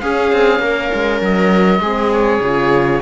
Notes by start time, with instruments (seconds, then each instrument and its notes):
0.00 horn C#4, cello C#4, viola G#4, oboe F5
0.32 cello C4
0.59 cello A#3, viola A#4
0.94 cello G#3
1.21 cello F#3, oboe D#5
1.80 cello G#3, horn C4, viola G#4
2.12 oboe C#5
2.41 cello C#3, horn F4